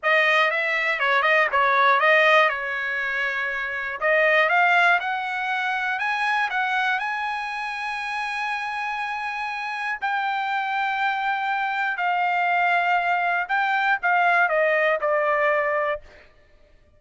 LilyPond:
\new Staff \with { instrumentName = "trumpet" } { \time 4/4 \tempo 4 = 120 dis''4 e''4 cis''8 dis''8 cis''4 | dis''4 cis''2. | dis''4 f''4 fis''2 | gis''4 fis''4 gis''2~ |
gis''1 | g''1 | f''2. g''4 | f''4 dis''4 d''2 | }